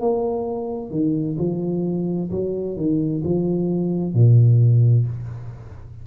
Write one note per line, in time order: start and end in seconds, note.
0.00 0.90 A#3
0.90 1.36 D#3
1.38 2.30 F3
2.30 2.76 F#3
2.76 3.22 D#3
3.24 4.14 F3
4.14 5.06 A#2